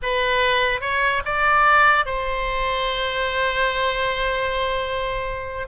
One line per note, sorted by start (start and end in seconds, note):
0.02 0.81 B4
0.81 1.22 C#5
1.25 2.05 D5
2.05 5.67 C5